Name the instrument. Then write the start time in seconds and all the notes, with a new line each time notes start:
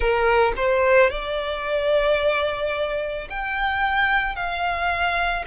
violin
0.00 A#4
0.56 C5
1.10 D5
3.29 G5
4.35 F5